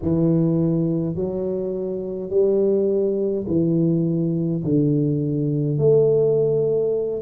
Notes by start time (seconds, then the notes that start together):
0.02 E3
1.15 F#3
2.30 G3
3.47 E3
4.64 D3
5.77 A3